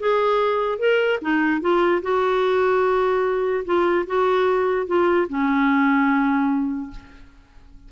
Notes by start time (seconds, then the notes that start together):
0.00 G#4
0.79 A#4
1.22 D#4
1.61 F4
2.03 F#4
3.65 F4
4.07 F#4
4.87 F4
5.29 C#4